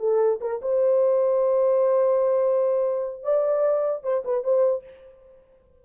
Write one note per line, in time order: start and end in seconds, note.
0.00 0.40 A4
0.41 0.62 A#4
0.62 3.24 C5
3.24 4.04 D5
4.04 4.24 C5
4.25 4.44 B4
4.44 4.84 C5